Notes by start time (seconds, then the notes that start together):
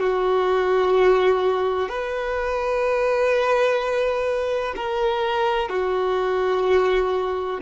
0.00 F#4
1.89 B4
4.76 A#4
5.69 F#4